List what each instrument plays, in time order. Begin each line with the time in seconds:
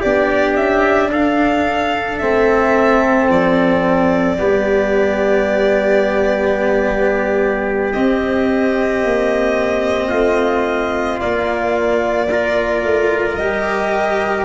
0.00 tuba B3, cello D4, trumpet G4, violin D5
0.56 tuba C#4, violin E5
1.11 tuba D4, trumpet A4, violin F5
2.18 tuba A3, cello C4, violin E5
3.29 tuba F3, violin D5
4.38 tuba G3, cello B3, trumpet G4
7.92 cello C4, tuba C4, violin D#5
9.03 tuba A#3
10.08 tuba A3, trumpet F4
11.20 cello A#3, tuba A#3, violin D5
12.31 cello F4, trumpet A#4
12.83 tuba A3
13.35 tuba G3, cello G4, violin D#5